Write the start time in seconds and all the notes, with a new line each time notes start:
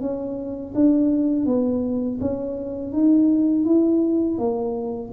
0.00 C#4
0.74 D4
1.46 B3
2.21 C#4
2.93 D#4
3.65 E4
4.38 A#3